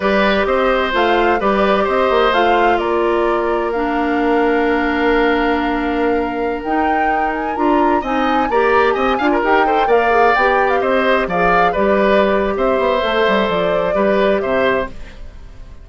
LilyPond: <<
  \new Staff \with { instrumentName = "flute" } { \time 4/4 \tempo 4 = 129 d''4 dis''4 f''4 d''4 | dis''4 f''4 d''2 | f''1~ | f''2~ f''16 g''4. gis''16~ |
gis''16 ais''4 gis''4 ais''4 gis''8.~ | gis''16 g''4 f''4 g''8. f''16 dis''8.~ | dis''16 f''4 d''4.~ d''16 e''4~ | e''4 d''2 e''4 | }
  \new Staff \with { instrumentName = "oboe" } { \time 4/4 b'4 c''2 b'4 | c''2 ais'2~ | ais'1~ | ais'1~ |
ais'4~ ais'16 dis''4 d''4 dis''8 f''16 | ais'8. c''8 d''2 c''8.~ | c''16 d''4 b'4.~ b'16 c''4~ | c''2 b'4 c''4 | }
  \new Staff \with { instrumentName = "clarinet" } { \time 4/4 g'2 f'4 g'4~ | g'4 f'2. | d'1~ | d'2~ d'16 dis'4.~ dis'16~ |
dis'16 f'4 dis'4 g'4. f'16~ | f'16 g'8 a'8 ais'8 gis'8 g'4.~ g'16~ | g'16 gis'4 g'2~ g'8. | a'2 g'2 | }
  \new Staff \with { instrumentName = "bassoon" } { \time 4/4 g4 c'4 a4 g4 | c'8 ais8 a4 ais2~ | ais1~ | ais2~ ais16 dis'4.~ dis'16~ |
dis'16 d'4 c'4 ais4 c'8 d'16~ | d'16 dis'4 ais4 b4 c'8.~ | c'16 f4 g4.~ g16 c'8 b8 | a8 g8 f4 g4 c4 | }
>>